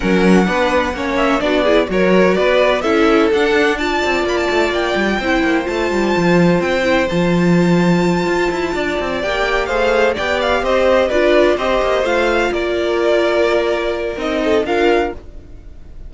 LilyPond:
<<
  \new Staff \with { instrumentName = "violin" } { \time 4/4 \tempo 4 = 127 fis''2~ fis''8 e''8 d''4 | cis''4 d''4 e''4 fis''4 | a''4 b''16 a''8. g''2 | a''2 g''4 a''4~ |
a''2.~ a''8 g''8~ | g''8 f''4 g''8 f''8 dis''4 d''8~ | d''8 dis''4 f''4 d''4.~ | d''2 dis''4 f''4 | }
  \new Staff \with { instrumentName = "violin" } { \time 4/4 ais'4 b'4 cis''4 fis'8 gis'8 | ais'4 b'4 a'2 | d''2. c''4~ | c''1~ |
c''2~ c''8 d''4.~ | d''8 c''4 d''4 c''4 b'8~ | b'8 c''2 ais'4.~ | ais'2~ ais'8 a'8 ais'4 | }
  \new Staff \with { instrumentName = "viola" } { \time 4/4 cis'4 d'4 cis'4 d'8 e'8 | fis'2 e'4 d'4 | f'2. e'4 | f'2~ f'8 e'8 f'4~ |
f'2.~ f'8 g'8~ | g'8 gis'4 g'2 f'8~ | f'8 g'4 f'2~ f'8~ | f'2 dis'4 f'4 | }
  \new Staff \with { instrumentName = "cello" } { \time 4/4 fis4 b4 ais4 b4 | fis4 b4 cis'4 d'4~ | d'8 c'8 ais8 a8 ais8 g8 c'8 ais8 | a8 g8 f4 c'4 f4~ |
f4. f'8 e'8 d'8 c'8 ais8~ | ais8 a4 b4 c'4 d'8~ | d'8 c'8 ais8 a4 ais4.~ | ais2 c'4 d'4 | }
>>